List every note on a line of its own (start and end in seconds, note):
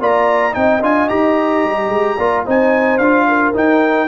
0.00 0.55 A#3
0.00 0.52 F4
0.00 0.52 D5
0.00 0.55 A#5
0.52 0.82 C4
0.52 0.79 D#4
0.52 2.16 D#5
0.52 0.82 G5
0.82 1.09 D4
0.82 1.09 F4
0.82 1.09 G#5
1.09 1.65 D#4
1.09 2.18 G4
1.09 2.45 A#5
1.65 1.89 G3
1.89 2.16 G#3
2.17 2.46 A#3
2.17 2.46 F4
2.17 2.45 D5
2.46 2.99 C4
2.46 3.01 D#4
2.46 3.28 C5
2.46 2.98 G#5
2.98 3.53 D4
2.98 3.54 F4
2.98 3.53 F5
3.29 4.08 A#4
3.54 4.08 D#4
3.54 4.08 G5